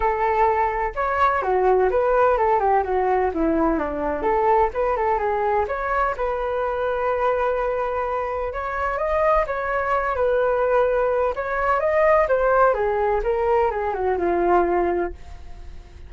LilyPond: \new Staff \with { instrumentName = "flute" } { \time 4/4 \tempo 4 = 127 a'2 cis''4 fis'4 | b'4 a'8 g'8 fis'4 e'4 | d'4 a'4 b'8 a'8 gis'4 | cis''4 b'2.~ |
b'2 cis''4 dis''4 | cis''4. b'2~ b'8 | cis''4 dis''4 c''4 gis'4 | ais'4 gis'8 fis'8 f'2 | }